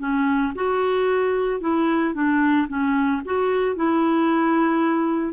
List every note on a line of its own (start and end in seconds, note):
0.00 0.54 C#4
0.56 1.61 F#4
1.61 2.15 E4
2.15 2.68 D4
2.69 3.22 C#4
3.26 3.76 F#4
3.76 5.34 E4